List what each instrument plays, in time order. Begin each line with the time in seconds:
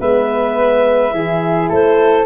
0.00 tuba G#3, horn B3, flute B4, clarinet E5
1.11 tuba E3, horn E4, flute G#4
1.69 tuba A3, flute A4, clarinet C5